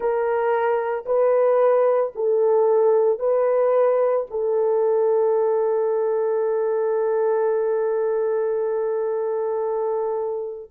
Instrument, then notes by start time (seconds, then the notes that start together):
horn
0.00 A#4
1.05 B4
2.15 A4
3.19 B4
4.30 A4